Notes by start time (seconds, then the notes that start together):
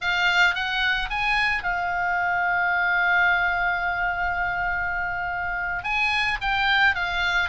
0.01 F5
0.55 F#5
1.10 G#5
1.63 F5
5.83 G#5
6.41 G5
6.95 F5